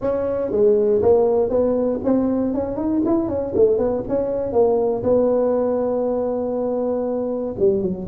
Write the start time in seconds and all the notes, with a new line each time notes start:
0.01 C#4
0.51 G#3
1.02 A#3
1.49 B3
2.04 C4
2.53 C#4
2.76 D#4
3.05 E4
3.28 C#4
3.55 A3
3.77 B3
4.08 C#4
4.52 A#3
5.03 B3
7.58 G3
7.82 F#3